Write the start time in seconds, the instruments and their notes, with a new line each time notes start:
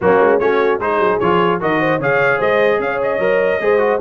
0.01 tuba F#3, trombone A#3, horn C#4, trumpet F#4
0.21 tuba G#3
0.39 tuba A3, trombone C#4, horn F#4, trumpet C#5
0.78 tuba G#3, trombone D#4, horn G#4, trumpet C5
0.98 tuba F#3
1.19 tuba F3, trombone F4, trumpet C#5
1.60 tuba D#3, trombone F#4, horn A#4, trumpet D#5
1.79 horn C5
1.99 tuba C#3, trombone G#4, horn C#5, trumpet F5
2.38 tuba G#3, horn C5, trumpet D#5
2.79 tuba C#4, horn C#5, trumpet F5
3.02 trumpet D#5
3.18 tuba F#3, trombone A#4
3.60 tuba G#3, trombone G#4, horn C5
3.78 trombone F#4